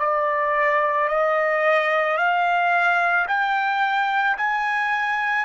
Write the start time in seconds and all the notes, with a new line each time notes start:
0.00 D5
1.09 D#5
2.18 F5
3.28 G5
4.38 G#5